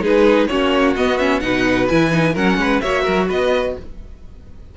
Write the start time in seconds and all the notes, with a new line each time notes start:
0.00 G#3 D#4 G#4 B4
0.47 A#3 C#4 F#4 C#5
0.96 B3 D#5
1.18 C#4 E5
1.40 B2 D#4 B4 F#5
1.88 E3 E4 G#5
2.11 D#4
2.33 F#3 C#4 A#4 F#5
2.57 G#3 B4
2.81 A#3 F#4 C#5 E5
3.03 F#3 A#4
3.28 B3 B4 D#5